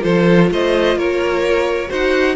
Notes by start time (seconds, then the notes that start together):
0.00 F3 F4 A4 C5
0.51 A3 C5 D#5
0.96 A#3 A#4 C#5
1.89 D#4 F#4 C5 F#5